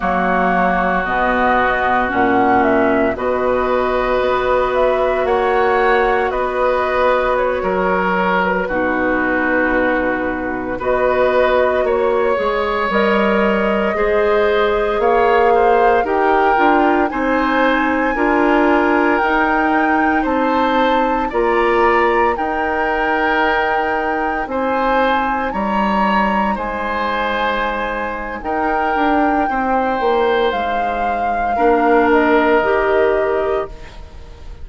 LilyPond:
<<
  \new Staff \with { instrumentName = "flute" } { \time 4/4 \tempo 4 = 57 cis''4 dis''4 fis''8 e''8 dis''4~ | dis''8 e''8 fis''4 dis''4 cis''4 | b'2~ b'16 dis''4 cis''8.~ | cis''16 dis''2 f''4 g''8.~ |
g''16 gis''2 g''4 a''8.~ | a''16 ais''4 g''2 gis''8.~ | gis''16 ais''4 gis''4.~ gis''16 g''4~ | g''4 f''4. dis''4. | }
  \new Staff \with { instrumentName = "oboe" } { \time 4/4 fis'2. b'4~ | b'4 cis''4 b'4~ b'16 ais'8.~ | ais'16 fis'2 b'4 cis''8.~ | cis''4~ cis''16 c''4 cis''8 c''8 ais'8.~ |
ais'16 c''4 ais'2 c''8.~ | c''16 d''4 ais'2 c''8.~ | c''16 cis''4 c''4.~ c''16 ais'4 | c''2 ais'2 | }
  \new Staff \with { instrumentName = "clarinet" } { \time 4/4 ais4 b4 cis'4 fis'4~ | fis'1~ | fis'16 dis'2 fis'4. gis'16~ | gis'16 ais'4 gis'2 g'8 f'16~ |
f'16 dis'4 f'4 dis'4.~ dis'16~ | dis'16 f'4 dis'2~ dis'8.~ | dis'1~ | dis'2 d'4 g'4 | }
  \new Staff \with { instrumentName = "bassoon" } { \time 4/4 fis4 b,4 ais,4 b,4 | b4 ais4 b4~ b16 fis8.~ | fis16 b,2 b4 ais8 gis16~ | gis16 g4 gis4 ais4 dis'8 d'16~ |
d'16 c'4 d'4 dis'4 c'8.~ | c'16 ais4 dis'2 c'8.~ | c'16 g4 gis4.~ gis16 dis'8 d'8 | c'8 ais8 gis4 ais4 dis4 | }
>>